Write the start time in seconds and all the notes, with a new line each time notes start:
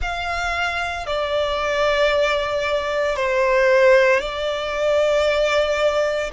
0.01 F5
1.06 D5
3.16 C5
4.20 D5